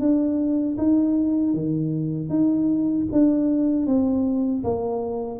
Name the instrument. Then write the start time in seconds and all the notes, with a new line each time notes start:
tuba
0.00 D4
0.78 D#4
1.54 D#3
2.29 D#4
3.12 D4
3.86 C4
4.64 A#3